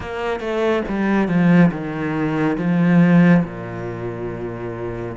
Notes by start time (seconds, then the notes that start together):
0.00 A#3
0.40 A3
0.88 G3
1.28 F3
1.71 D#3
2.57 F3
3.44 A#2